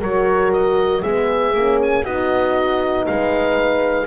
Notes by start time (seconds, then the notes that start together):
0.00 F#3 F#4 A#4 C#5
0.52 D#5
1.02 G#3 B3 G#4 E5
1.54 A#3 C#4
1.83 G#5
2.03 B3 D#4 F#4 D#5
3.06 G#3 B4 F5